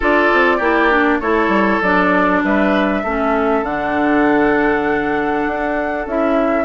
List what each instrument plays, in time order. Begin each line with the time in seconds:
0.00 bassoon D4, clarinet F4, oboe A4, flute D5
0.32 bassoon C4
0.57 bassoon A#3, clarinet E4, oboe G4
0.90 clarinet D4
1.20 bassoon A3, clarinet E4, oboe A4, flute C#5
1.47 bassoon G3
1.82 bassoon F#3, clarinet D4, flute D5
2.43 bassoon G3, oboe B4, flute E5
3.03 bassoon A3, clarinet C#4, oboe A4
3.62 bassoon D3, clarinet D4, flute F#5
5.46 bassoon D4
6.06 bassoon C#4, clarinet E4, flute E5